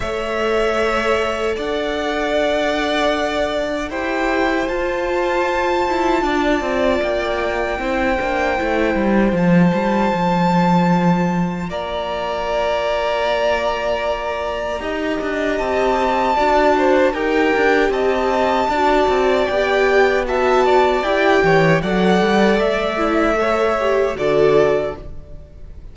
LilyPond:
<<
  \new Staff \with { instrumentName = "violin" } { \time 4/4 \tempo 4 = 77 e''2 fis''2~ | fis''4 g''4 a''2~ | a''4 g''2. | a''2. ais''4~ |
ais''1 | a''2 g''4 a''4~ | a''4 g''4 a''4 g''4 | fis''4 e''2 d''4 | }
  \new Staff \with { instrumentName = "violin" } { \time 4/4 cis''2 d''2~ | d''4 c''2. | d''2 c''2~ | c''2. d''4~ |
d''2. dis''4~ | dis''4 d''8 c''8 ais'4 dis''4 | d''2 e''8 d''4 cis''8 | d''2 cis''4 a'4 | }
  \new Staff \with { instrumentName = "viola" } { \time 4/4 a'1~ | a'4 g'4 f'2~ | f'2 e'8 d'8 e'4 | f'1~ |
f'2. g'4~ | g'4 fis'4 g'2 | fis'4 g'4 fis'4 g'4 | a'4. e'8 a'8 g'8 fis'4 | }
  \new Staff \with { instrumentName = "cello" } { \time 4/4 a2 d'2~ | d'4 e'4 f'4. e'8 | d'8 c'8 ais4 c'8 ais8 a8 g8 | f8 g8 f2 ais4~ |
ais2. dis'8 d'8 | c'4 d'4 dis'8 d'8 c'4 | d'8 c'8 b2 e'8 e8 | fis8 g8 a2 d4 | }
>>